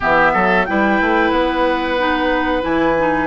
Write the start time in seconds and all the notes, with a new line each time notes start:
0.00 E3 B3 G4 E5
0.33 F#3 A4
0.65 G3 E4 B4 G5
1.00 A3
1.31 B3 F#5
1.98 D#4
2.61 E3 E4 G#5
2.98 D#4